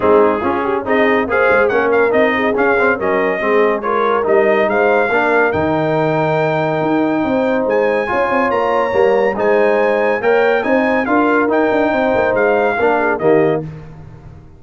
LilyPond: <<
  \new Staff \with { instrumentName = "trumpet" } { \time 4/4 \tempo 4 = 141 gis'2 dis''4 f''4 | fis''8 f''8 dis''4 f''4 dis''4~ | dis''4 cis''4 dis''4 f''4~ | f''4 g''2.~ |
g''2 gis''2 | ais''2 gis''2 | g''4 gis''4 f''4 g''4~ | g''4 f''2 dis''4 | }
  \new Staff \with { instrumentName = "horn" } { \time 4/4 dis'4 f'8 g'8 gis'4 c''4 | ais'4. gis'4. ais'4 | gis'4 ais'2 c''4 | ais'1~ |
ais'4 c''2 cis''4~ | cis''2 c''2 | cis''4 c''4 ais'2 | c''2 ais'8 gis'8 g'4 | }
  \new Staff \with { instrumentName = "trombone" } { \time 4/4 c'4 cis'4 dis'4 gis'4 | cis'4 dis'4 cis'8 c'8 cis'4 | c'4 f'4 dis'2 | d'4 dis'2.~ |
dis'2. f'4~ | f'4 ais4 dis'2 | ais'4 dis'4 f'4 dis'4~ | dis'2 d'4 ais4 | }
  \new Staff \with { instrumentName = "tuba" } { \time 4/4 gis4 cis'4 c'4 ais8 gis8 | ais4 c'4 cis'4 fis4 | gis2 g4 gis4 | ais4 dis2. |
dis'4 c'4 gis4 cis'8 c'8 | ais4 g4 gis2 | ais4 c'4 d'4 dis'8 d'8 | c'8 ais8 gis4 ais4 dis4 | }
>>